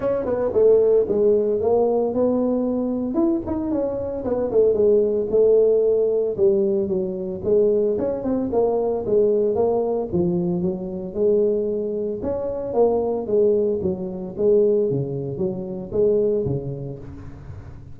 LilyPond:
\new Staff \with { instrumentName = "tuba" } { \time 4/4 \tempo 4 = 113 cis'8 b8 a4 gis4 ais4 | b2 e'8 dis'8 cis'4 | b8 a8 gis4 a2 | g4 fis4 gis4 cis'8 c'8 |
ais4 gis4 ais4 f4 | fis4 gis2 cis'4 | ais4 gis4 fis4 gis4 | cis4 fis4 gis4 cis4 | }